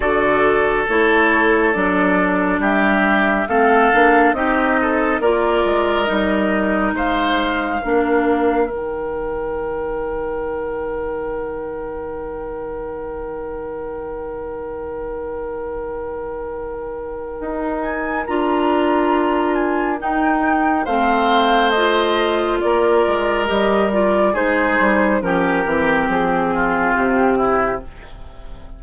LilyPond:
<<
  \new Staff \with { instrumentName = "flute" } { \time 4/4 \tempo 4 = 69 d''4 cis''4 d''4 e''4 | f''4 dis''4 d''4 dis''4 | f''2 g''2~ | g''1~ |
g''1~ | g''8 gis''8 ais''4. gis''8 g''4 | f''4 dis''4 d''4 dis''8 d''8 | c''4 ais'4 gis'4 g'4 | }
  \new Staff \with { instrumentName = "oboe" } { \time 4/4 a'2. g'4 | a'4 g'8 a'8 ais'2 | c''4 ais'2.~ | ais'1~ |
ais'1~ | ais'1 | c''2 ais'2 | gis'4 g'4. f'4 e'8 | }
  \new Staff \with { instrumentName = "clarinet" } { \time 4/4 fis'4 e'4 d'2 | c'8 d'8 dis'4 f'4 dis'4~ | dis'4 d'4 dis'2~ | dis'1~ |
dis'1~ | dis'4 f'2 dis'4 | c'4 f'2 g'8 f'8 | dis'4 cis'8 c'2~ c'8 | }
  \new Staff \with { instrumentName = "bassoon" } { \time 4/4 d4 a4 fis4 g4 | a8 ais8 c'4 ais8 gis8 g4 | gis4 ais4 dis2~ | dis1~ |
dis1 | dis'4 d'2 dis'4 | a2 ais8 gis8 g4 | gis8 g8 f8 e8 f4 c4 | }
>>